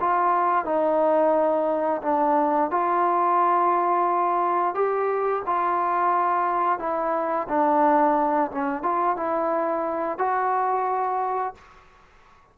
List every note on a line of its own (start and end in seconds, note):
0.00 0.64 F4
0.64 2.01 D#4
2.02 2.70 D4
2.70 4.74 F4
4.74 5.42 G4
5.46 6.79 F4
6.79 7.47 E4
7.48 8.51 D4
8.51 8.82 C#4
8.82 9.16 F4
9.16 10.18 E4
10.18 11.54 F#4